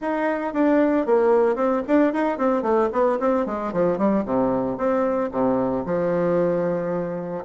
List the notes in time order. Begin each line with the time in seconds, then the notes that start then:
0.01 D#4
0.53 D4
1.05 A#3
1.55 C4
1.87 D4
2.13 D#4
2.38 C4
2.62 A3
2.92 B3
3.19 C4
3.46 G#3
3.72 F3
3.98 G3
4.25 C3
4.77 C4
5.31 C3
5.85 F3